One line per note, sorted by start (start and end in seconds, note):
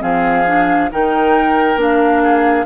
0.00 0.90 F3
0.00 0.44 C4
0.00 0.90 G#4
0.00 0.90 F5
0.46 0.90 D4
0.90 1.76 D#3
0.90 1.77 D#4
0.90 2.23 A#4
0.90 1.80 G5
1.76 2.64 A#3
1.76 2.65 D4
1.76 2.65 F5
2.23 2.65 G#4